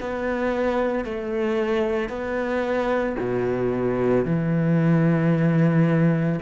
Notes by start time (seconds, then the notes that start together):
0.00 B3
1.05 A3
2.09 B3
3.19 B2
4.25 E3